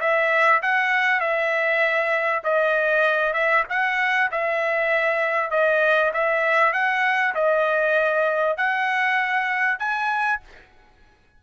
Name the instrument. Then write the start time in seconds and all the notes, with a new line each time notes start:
trumpet
0.00 E5
0.62 F#5
1.20 E5
2.44 D#5
3.33 E5
3.70 F#5
4.31 E5
5.50 D#5
6.13 E5
6.73 F#5
7.35 D#5
8.57 F#5
9.79 G#5